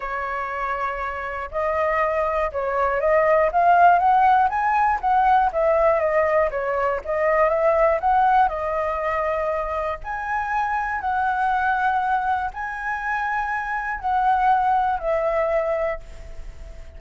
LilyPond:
\new Staff \with { instrumentName = "flute" } { \time 4/4 \tempo 4 = 120 cis''2. dis''4~ | dis''4 cis''4 dis''4 f''4 | fis''4 gis''4 fis''4 e''4 | dis''4 cis''4 dis''4 e''4 |
fis''4 dis''2. | gis''2 fis''2~ | fis''4 gis''2. | fis''2 e''2 | }